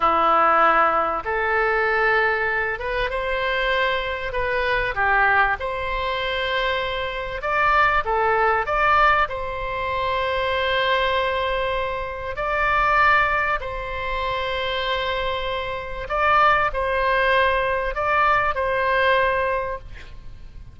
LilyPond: \new Staff \with { instrumentName = "oboe" } { \time 4/4 \tempo 4 = 97 e'2 a'2~ | a'8 b'8 c''2 b'4 | g'4 c''2. | d''4 a'4 d''4 c''4~ |
c''1 | d''2 c''2~ | c''2 d''4 c''4~ | c''4 d''4 c''2 | }